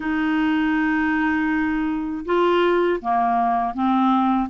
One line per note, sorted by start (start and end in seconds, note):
0.00 2.25 D#4
2.25 3.00 F4
3.01 3.74 A#3
3.74 4.49 C4